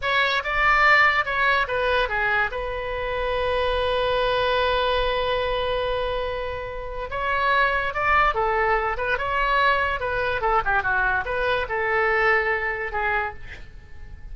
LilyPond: \new Staff \with { instrumentName = "oboe" } { \time 4/4 \tempo 4 = 144 cis''4 d''2 cis''4 | b'4 gis'4 b'2~ | b'1~ | b'1~ |
b'4 cis''2 d''4 | a'4. b'8 cis''2 | b'4 a'8 g'8 fis'4 b'4 | a'2. gis'4 | }